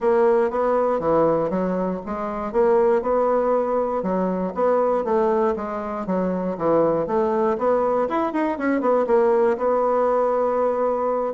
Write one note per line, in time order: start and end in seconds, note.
0.00 0.50 A#3
0.50 0.99 B3
0.99 1.50 E3
1.50 2.00 F#3
2.05 2.52 G#3
2.52 3.01 A#3
3.01 4.02 B3
4.02 4.53 F#3
4.54 5.04 B3
5.04 5.54 A3
5.56 6.06 G#3
6.06 6.57 F#3
6.57 7.06 E3
7.06 7.57 A3
7.57 8.08 B3
8.09 8.32 E4
8.32 8.57 D#4
8.58 8.80 C#4
8.80 9.05 B3
9.06 9.57 A#3
9.57 11.33 B3